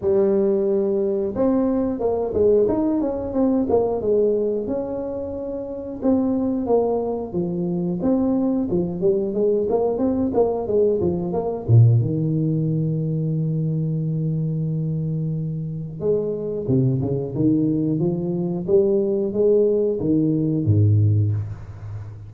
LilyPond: \new Staff \with { instrumentName = "tuba" } { \time 4/4 \tempo 4 = 90 g2 c'4 ais8 gis8 | dis'8 cis'8 c'8 ais8 gis4 cis'4~ | cis'4 c'4 ais4 f4 | c'4 f8 g8 gis8 ais8 c'8 ais8 |
gis8 f8 ais8 ais,8 dis2~ | dis1 | gis4 c8 cis8 dis4 f4 | g4 gis4 dis4 gis,4 | }